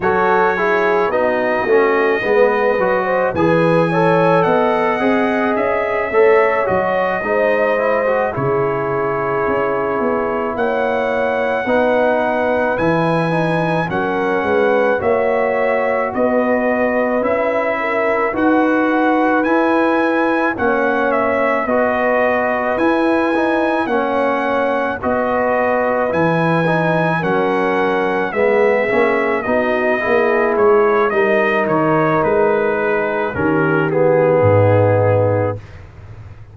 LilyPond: <<
  \new Staff \with { instrumentName = "trumpet" } { \time 4/4 \tempo 4 = 54 cis''4 dis''2 gis''4 | fis''4 e''4 dis''4. cis''8~ | cis''4. fis''2 gis''8~ | gis''8 fis''4 e''4 dis''4 e''8~ |
e''8 fis''4 gis''4 fis''8 e''8 dis''8~ | dis''8 gis''4 fis''4 dis''4 gis''8~ | gis''8 fis''4 e''4 dis''4 cis''8 | dis''8 cis''8 b'4 ais'8 gis'4. | }
  \new Staff \with { instrumentName = "horn" } { \time 4/4 a'8 gis'8 fis'4 b'8. c''16 b'8 cis''8 | dis''4. cis''4 c''4 gis'8~ | gis'4. cis''4 b'4.~ | b'8 ais'8 b'8 cis''4 b'4. |
ais'8 b'2 cis''4 b'8~ | b'4. cis''4 b'4.~ | b'8 ais'4 gis'4 fis'8 gis'4 | ais'4. gis'8 g'4 dis'4 | }
  \new Staff \with { instrumentName = "trombone" } { \time 4/4 fis'8 e'8 dis'8 cis'8 b8 fis'8 gis'8 a'8~ | a'8 gis'4 a'8 fis'8 dis'8 e'16 fis'16 e'8~ | e'2~ e'8 dis'4 e'8 | dis'8 cis'4 fis'2 e'8~ |
e'8 fis'4 e'4 cis'4 fis'8~ | fis'8 e'8 dis'8 cis'4 fis'4 e'8 | dis'8 cis'4 b8 cis'8 dis'8 e'4 | dis'2 cis'8 b4. | }
  \new Staff \with { instrumentName = "tuba" } { \time 4/4 fis4 b8 a8 gis8 fis8 e4 | b8 c'8 cis'8 a8 fis8 gis4 cis8~ | cis8 cis'8 b8 ais4 b4 e8~ | e8 fis8 gis8 ais4 b4 cis'8~ |
cis'8 dis'4 e'4 ais4 b8~ | b8 e'4 ais4 b4 e8~ | e8 fis4 gis8 ais8 b8 ais8 gis8 | g8 dis8 gis4 dis4 gis,4 | }
>>